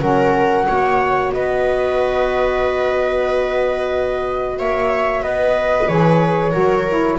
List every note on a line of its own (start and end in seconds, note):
0.00 0.67 F#3
0.00 0.65 C#4
0.00 0.67 A#4
0.00 1.32 F#5
0.65 1.33 A#3
0.65 5.86 F#4
0.65 1.32 C#5
1.32 4.59 B3
1.32 4.58 B4
1.32 4.58 D#5
4.58 5.22 A#3
4.58 5.22 C#5
4.58 5.23 E5
5.22 5.88 B3
5.22 6.52 B4
5.22 5.88 D#5
5.88 6.54 E3
5.88 6.52 G#4
5.88 7.18 C#5
6.52 7.19 F#3
6.52 6.84 F#4
6.52 7.17 A#4
6.88 7.19 E4